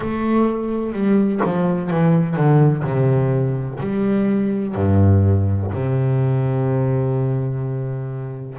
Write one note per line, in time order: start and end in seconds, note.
0.00 0.92 A3
0.92 1.40 G3
1.44 1.90 F3
1.90 2.35 E3
2.35 2.83 D3
2.84 3.79 C3
3.80 4.74 G3
4.74 5.70 G2
5.72 8.58 C3